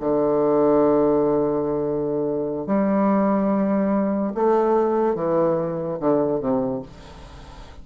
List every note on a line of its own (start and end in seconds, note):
0.00 2.67 D3
2.67 4.33 G3
4.34 5.15 A3
5.15 5.98 E3
6.00 6.40 D3
6.40 6.82 C3